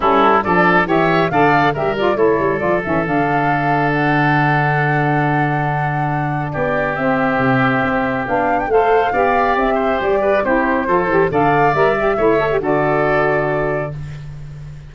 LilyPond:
<<
  \new Staff \with { instrumentName = "flute" } { \time 4/4 \tempo 4 = 138 a'4 d''4 e''4 f''4 | e''8 d''8 cis''4 d''8 e''8 f''4~ | f''4 fis''2.~ | fis''2. d''4 |
e''2. f''8. g''16 | f''2 e''4 d''4 | c''2 f''4 e''4~ | e''4 d''2. | }
  \new Staff \with { instrumentName = "oboe" } { \time 4/4 e'4 a'4 cis''4 d''4 | ais'4 a'2.~ | a'1~ | a'2. g'4~ |
g'1 | c''4 d''4. c''4 b'8 | g'4 a'4 d''2 | cis''4 a'2. | }
  \new Staff \with { instrumentName = "saxophone" } { \time 4/4 cis'4 d'4 g'4 a'4 | g'8 f'8 e'4 f'8 cis'8 d'4~ | d'1~ | d'1 |
c'2. d'4 | a'4 g'2. | e'4 f'8 g'8 a'4 ais'8 g'8 | e'8 a'16 g'16 fis'2. | }
  \new Staff \with { instrumentName = "tuba" } { \time 4/4 g4 f4 e4 d4 | g4 a8 g8 f8 e8 d4~ | d1~ | d2. b4 |
c'4 c4 c'4 b4 | a4 b4 c'4 g4 | c'4 f8 e8 d4 g4 | a4 d2. | }
>>